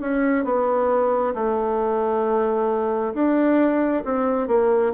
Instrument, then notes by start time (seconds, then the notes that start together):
bassoon
0.00 C#4
0.44 B3
1.34 A3
3.13 D4
4.04 C4
4.47 A#3